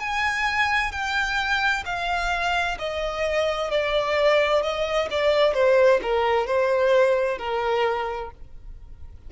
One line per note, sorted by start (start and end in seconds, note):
0.00 0.91 G#5
0.91 1.84 G5
1.85 2.78 F5
2.79 3.70 D#5
3.70 4.62 D5
4.62 5.09 D#5
5.11 5.54 D5
5.54 6.00 C5
6.02 6.47 A#4
6.47 7.38 C5
7.38 8.31 A#4